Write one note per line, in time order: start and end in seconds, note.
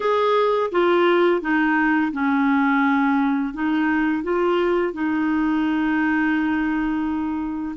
0.00 0.70 G#4
0.71 1.41 F4
1.41 2.11 D#4
2.12 3.53 C#4
3.53 4.23 D#4
4.23 4.93 F4
4.93 7.75 D#4